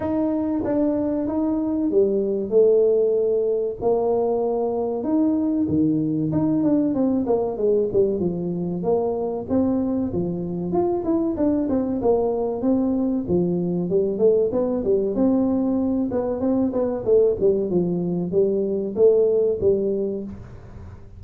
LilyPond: \new Staff \with { instrumentName = "tuba" } { \time 4/4 \tempo 4 = 95 dis'4 d'4 dis'4 g4 | a2 ais2 | dis'4 dis4 dis'8 d'8 c'8 ais8 | gis8 g8 f4 ais4 c'4 |
f4 f'8 e'8 d'8 c'8 ais4 | c'4 f4 g8 a8 b8 g8 | c'4. b8 c'8 b8 a8 g8 | f4 g4 a4 g4 | }